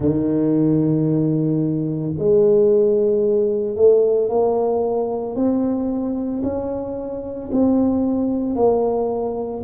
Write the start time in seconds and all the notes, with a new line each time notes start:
0.00 D#3
2.18 G#3
3.75 A3
4.29 A#3
5.35 C4
6.43 C#4
7.51 C4
8.55 A#3